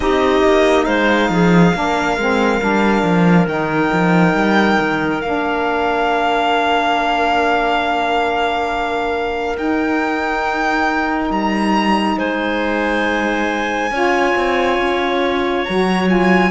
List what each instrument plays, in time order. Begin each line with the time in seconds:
0.00 cello C4, saxophone D#4, clarinet G4, violin D#5
0.44 cello A#3
0.85 cello G#3, clarinet C5, violin F5
1.29 cello F3, clarinet G#4
1.74 cello A#3, saxophone D4, clarinet A#4
2.17 cello G#3, saxophone C4
2.60 cello G3, saxophone D4
3.03 cello F3
3.46 cello D#3, saxophone D#4, violin G5
3.92 cello F3
4.33 cello G3
4.79 cello D#3
5.21 cello A#3, saxophone D4, violin F5
9.55 saxophone D#4, cello D#4, violin G5
11.30 cello G3, violin A#5
12.17 cello G#3, clarinet C5, violin G#5
13.90 cello C#4, saxophone F4, clarinet C#5
14.35 cello C4
14.78 cello C#4
15.64 cello F#3, saxophone F#4, violin A#5
16.07 saxophone F4, violin G#5